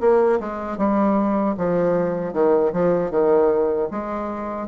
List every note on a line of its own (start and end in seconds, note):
0.00 0.39 A#3
0.40 0.78 G#3
0.78 1.55 G3
1.57 2.33 F3
2.33 2.72 D#3
2.73 3.11 F3
3.11 3.89 D#3
3.91 4.68 G#3